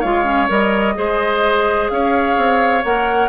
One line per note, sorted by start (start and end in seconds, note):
0.00 0.49 G#3
0.00 0.24 F4
0.00 0.94 C#5
0.00 0.48 F5
0.24 0.47 C#4
0.48 0.96 G3
0.48 0.95 A#4
0.48 1.89 D#5
0.95 1.90 G#3
0.95 2.82 G#4
0.95 1.91 C5
1.89 2.37 C#4
1.89 3.29 C#5
1.89 2.83 F5
2.37 2.84 C4
2.84 3.29 A#3
2.84 3.29 A#4
2.84 3.29 F#5